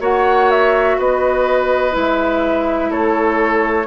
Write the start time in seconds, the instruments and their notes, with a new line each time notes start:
0.00 bassoon A#3, clarinet F#4, oboe C#5, flute F#5
0.51 flute E5
0.98 bassoon B3, oboe B4, flute D#5
1.91 bassoon G#3, clarinet E4
1.98 flute E5
2.91 bassoon A3, oboe A4, flute C#5